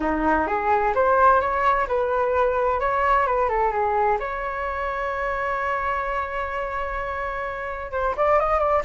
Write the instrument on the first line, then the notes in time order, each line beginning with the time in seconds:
flute
0.00 D#4
0.47 G#4
0.94 C5
1.40 C#5
1.87 B4
2.79 C#5
3.26 B4
3.48 A4
3.71 G#4
4.19 C#5
7.91 C5
8.16 D5
8.39 D#5
8.59 D5